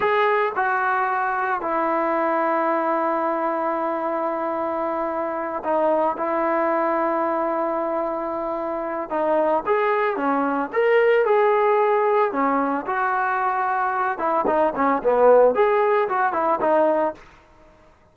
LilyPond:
\new Staff \with { instrumentName = "trombone" } { \time 4/4 \tempo 4 = 112 gis'4 fis'2 e'4~ | e'1~ | e'2~ e'8 dis'4 e'8~ | e'1~ |
e'4 dis'4 gis'4 cis'4 | ais'4 gis'2 cis'4 | fis'2~ fis'8 e'8 dis'8 cis'8 | b4 gis'4 fis'8 e'8 dis'4 | }